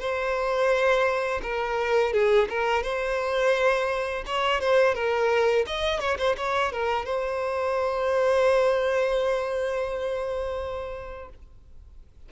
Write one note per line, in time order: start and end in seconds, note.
0.00 1.41 C5
1.43 2.13 A#4
2.13 2.49 G#4
2.50 2.83 A#4
2.83 4.24 C5
4.27 4.61 C#5
4.61 4.95 C5
4.95 5.66 A#4
5.67 6.00 D#5
6.00 6.18 C#5
6.19 6.36 C5
6.38 6.73 C#5
6.73 7.06 A#4
7.06 11.29 C5